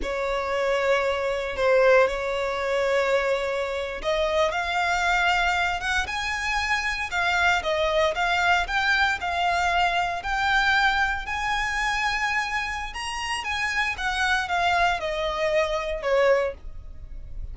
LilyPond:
\new Staff \with { instrumentName = "violin" } { \time 4/4 \tempo 4 = 116 cis''2. c''4 | cis''2.~ cis''8. dis''16~ | dis''8. f''2~ f''8 fis''8 gis''16~ | gis''4.~ gis''16 f''4 dis''4 f''16~ |
f''8. g''4 f''2 g''16~ | g''4.~ g''16 gis''2~ gis''16~ | gis''4 ais''4 gis''4 fis''4 | f''4 dis''2 cis''4 | }